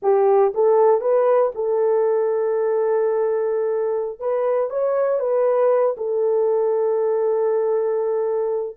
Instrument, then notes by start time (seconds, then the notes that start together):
horn
0.02 G4
0.54 A4
1.00 B4
1.54 A4
4.19 B4
4.70 C#5
5.19 B4
5.97 A4